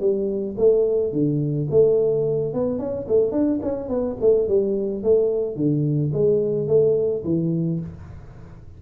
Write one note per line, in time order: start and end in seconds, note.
0.00 0.56 G3
0.58 1.12 A3
1.12 1.68 D3
1.70 2.54 A3
2.54 2.79 B3
2.79 3.07 C#4
3.08 3.32 A3
3.32 3.60 D4
3.63 3.89 C#4
3.89 4.16 B3
4.21 4.48 A3
4.48 5.03 G3
5.03 5.56 A3
5.56 6.12 D3
6.14 6.68 G#3
6.68 7.23 A3
7.24 7.80 E3